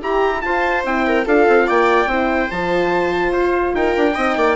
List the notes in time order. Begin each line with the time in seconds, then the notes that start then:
0.00 E4 G4 A#5
0.41 F4 C5 A5
0.84 C4 E4 G5
1.07 A#4
1.24 D4 F4 A4 F5
1.48 C4
1.67 A#3 D5 G5
2.06 C4 E4 C5
2.51 F3 F4 A5
3.32 F4 C5
3.74 D#4 A#4 G5
3.96 D4
4.15 C4 D#4 D#5
4.36 A#3 D5